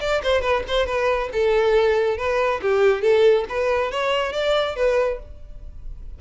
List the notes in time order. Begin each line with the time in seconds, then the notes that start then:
0.00 D5
0.23 C5
0.41 B4
0.67 C5
0.86 B4
1.32 A4
2.17 B4
2.61 G4
3.01 A4
3.48 B4
3.91 C#5
4.32 D5
4.76 B4